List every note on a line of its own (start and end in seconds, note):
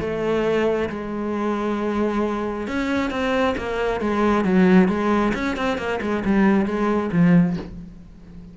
0.00 0.89 A3
0.89 2.67 G#3
2.67 3.11 C#4
3.11 3.55 C4
3.57 4.00 A#3
4.00 4.45 G#3
4.45 4.88 F#3
4.88 5.33 G#3
5.34 5.56 C#4
5.56 5.78 C4
5.78 6.00 A#3
6.01 6.23 G#3
6.25 6.66 G3
6.66 7.10 G#3
7.12 7.56 F3